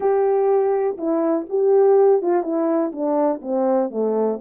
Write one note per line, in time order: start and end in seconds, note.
0.00 0.97 G4
0.97 1.46 E4
1.49 2.22 G4
2.22 2.43 F4
2.43 2.91 E4
2.92 3.40 D4
3.41 3.90 C4
3.90 4.39 A3